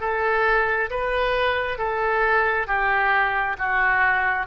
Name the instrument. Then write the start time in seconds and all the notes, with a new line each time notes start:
oboe
0.00 A4
0.90 B4
1.78 A4
2.67 G4
3.58 F#4